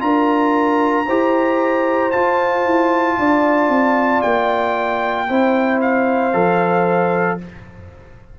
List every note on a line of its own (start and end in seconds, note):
0.00 1.07 D4
0.00 1.05 F4
0.00 1.07 A#4
0.00 2.12 A#5
1.07 2.14 E4
1.07 2.13 G4
1.07 3.17 C5
2.12 5.29 F4
2.12 2.66 F4
2.12 4.22 A5
2.66 3.18 E4
3.19 3.69 D4
3.19 5.29 D5
3.69 4.22 C4
4.22 5.30 A#3
4.22 5.80 G5
5.29 6.34 C4
5.29 6.34 E4
5.29 7.39 C5
5.82 7.40 F5
6.34 7.39 F3
6.34 7.39 A4